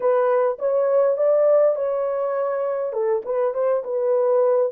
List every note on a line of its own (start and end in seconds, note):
0.00 0.57 B4
0.58 1.17 C#5
1.17 1.75 D5
1.75 2.93 C#5
2.93 3.22 A4
3.25 3.53 B4
3.53 3.83 C5
3.84 4.72 B4